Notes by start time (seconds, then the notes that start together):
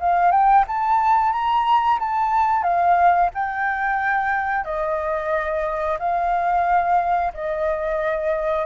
0.00 F5
0.31 G5
0.68 A5
1.32 A#5
1.99 A5
2.63 F5
3.35 G5
4.65 D#5
5.99 F5
7.34 D#5